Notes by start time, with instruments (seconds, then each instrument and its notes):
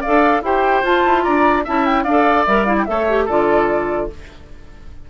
0.00 clarinet A4, oboe D5, flute F5
0.07 bassoon D4
0.42 bassoon E4, clarinet G4, oboe C5, flute G5
0.83 bassoon F4, clarinet F4, flute A5
1.05 bassoon E4
1.23 bassoon D4, oboe D5, flute A#5
1.64 bassoon C#4, clarinet E4, oboe E5, flute A5
1.85 flute G5
2.03 bassoon D4, clarinet A4, oboe D5, flute F5
2.45 bassoon G3, clarinet A#4, flute E5
2.65 clarinet E4, flute F5
2.77 flute G5
2.85 bassoon A3, clarinet A4, oboe C#5, flute E5
3.08 clarinet G4
3.24 bassoon D3, clarinet F4, oboe A4, flute D5